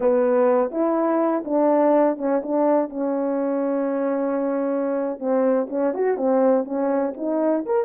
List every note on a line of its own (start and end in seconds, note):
0.00 0.71 B3
0.71 1.43 E4
1.45 2.17 D4
2.17 2.41 C#4
2.43 2.89 D4
2.89 5.19 C#4
5.19 5.67 C4
5.69 5.93 C#4
5.93 6.17 F#4
6.17 6.64 C4
6.64 7.13 C#4
7.16 7.65 D#4
7.65 7.85 A#4